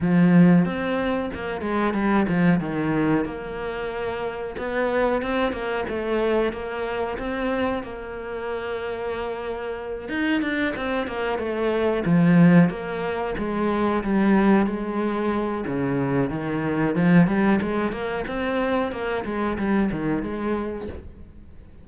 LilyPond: \new Staff \with { instrumentName = "cello" } { \time 4/4 \tempo 4 = 92 f4 c'4 ais8 gis8 g8 f8 | dis4 ais2 b4 | c'8 ais8 a4 ais4 c'4 | ais2.~ ais8 dis'8 |
d'8 c'8 ais8 a4 f4 ais8~ | ais8 gis4 g4 gis4. | cis4 dis4 f8 g8 gis8 ais8 | c'4 ais8 gis8 g8 dis8 gis4 | }